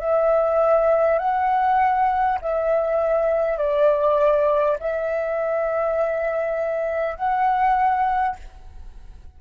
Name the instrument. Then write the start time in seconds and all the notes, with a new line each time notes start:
flute
0.00 E5
1.18 F#5
2.42 E5
3.58 D5
4.79 E5
7.16 F#5